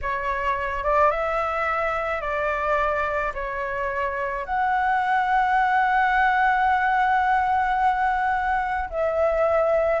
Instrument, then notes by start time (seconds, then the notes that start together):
flute
0.01 C#5
0.83 D5
1.10 E5
2.21 D5
3.34 C#5
4.45 F#5
8.90 E5